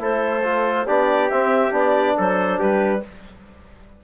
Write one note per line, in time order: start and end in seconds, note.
0.00 0.86 A3
0.00 0.43 E4
0.00 0.87 A4
0.00 0.87 C5
0.44 0.87 F4
0.87 1.31 B3
0.87 1.31 D4
0.87 2.17 G4
0.87 1.30 D5
1.30 1.72 C4
1.30 1.71 C4
1.30 1.73 E5
1.71 2.16 B3
1.71 3.01 D4
1.71 2.18 D5
2.17 2.61 F#3
2.17 2.59 A4
2.17 2.60 C5
2.59 3.04 G3
2.59 3.02 G4
2.59 3.03 B4